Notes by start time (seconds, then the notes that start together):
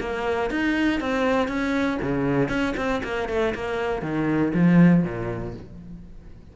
0.00 A#3
0.51 D#4
1.00 C4
1.48 C#4
2.02 C#3
2.49 C#4
2.77 C4
3.03 A#3
3.29 A3
3.55 A#3
4.02 D#3
4.54 F3
5.04 A#2